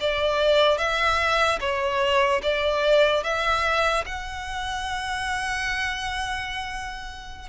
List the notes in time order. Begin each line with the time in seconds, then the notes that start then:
0.00 D5
0.77 E5
1.60 C#5
2.42 D5
3.23 E5
4.06 F#5